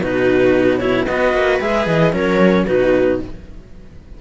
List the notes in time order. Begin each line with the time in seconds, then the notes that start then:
0.00 B2 D#4 F#4 B4
0.77 E4 C#5
1.06 B3 F#4 B4 D#5
1.33 A#3
1.60 G#3 G#4 E5
1.86 E3 D#5
2.12 F#3 C#4 A#4 C#5
2.65 B2 D#4 F#4 B4